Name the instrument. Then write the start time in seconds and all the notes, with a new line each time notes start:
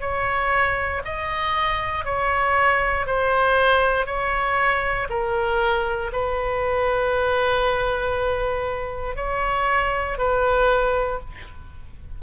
oboe
0.00 C#5
1.04 D#5
2.05 C#5
3.06 C5
4.06 C#5
5.09 A#4
6.12 B4
9.16 C#5
10.18 B4